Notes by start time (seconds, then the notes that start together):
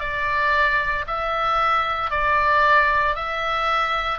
0.00 D5
1.07 E5
2.11 D5
3.15 E5